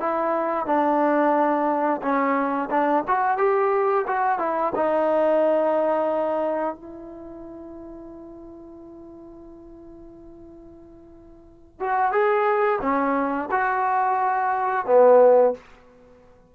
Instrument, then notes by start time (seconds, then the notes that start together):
trombone
0.00 E4
0.66 D4
2.02 C#4
2.70 D4
3.07 F#4
3.37 G4
4.07 F#4
4.39 E4
4.75 D#4
6.75 E4
11.80 F#4
12.12 G#4
12.82 C#4
13.51 F#4
14.86 B3